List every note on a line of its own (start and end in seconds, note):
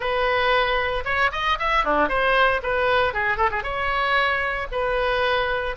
0.00 1.03 B4
1.04 1.30 C#5
1.32 1.58 D#5
1.59 1.84 E5
1.84 2.09 D4
2.09 2.61 C5
2.62 3.13 B4
3.13 3.37 G#4
3.37 3.50 A4
3.51 3.63 G#4
3.63 4.67 C#5
4.71 5.76 B4